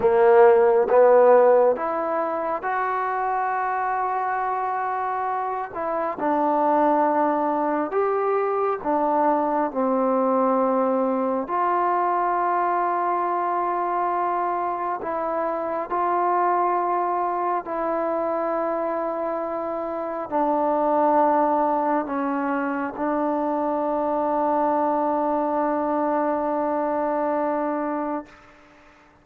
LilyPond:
\new Staff \with { instrumentName = "trombone" } { \time 4/4 \tempo 4 = 68 ais4 b4 e'4 fis'4~ | fis'2~ fis'8 e'8 d'4~ | d'4 g'4 d'4 c'4~ | c'4 f'2.~ |
f'4 e'4 f'2 | e'2. d'4~ | d'4 cis'4 d'2~ | d'1 | }